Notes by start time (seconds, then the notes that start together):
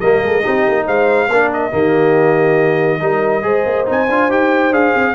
0.00 G3 A#3 A#4 D#5
0.23 G#3 A4
0.42 C4 D#4 G4
0.68 A#3
0.86 G#3 C5 F5
1.28 A#3 D4 A#4
1.53 D#5
1.71 D#3 A#3 G4
3.00 G3 D#4 A#4
3.42 G#3 G#4 C5
3.66 A#3
3.86 C4 D#4 G#5
4.09 D4 F4
4.30 D#4 G4 G5
4.71 D4 G#4 F5
4.95 C4